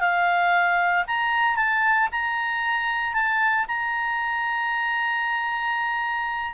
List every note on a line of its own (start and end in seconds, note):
0.00 1.04 F5
1.07 1.56 A#5
1.56 2.08 A5
2.12 3.14 A#5
3.14 3.66 A5
3.68 6.54 A#5